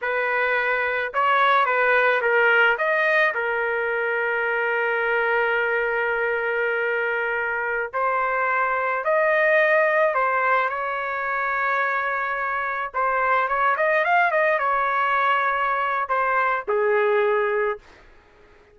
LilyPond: \new Staff \with { instrumentName = "trumpet" } { \time 4/4 \tempo 4 = 108 b'2 cis''4 b'4 | ais'4 dis''4 ais'2~ | ais'1~ | ais'2~ ais'16 c''4.~ c''16~ |
c''16 dis''2 c''4 cis''8.~ | cis''2.~ cis''16 c''8.~ | c''16 cis''8 dis''8 f''8 dis''8 cis''4.~ cis''16~ | cis''4 c''4 gis'2 | }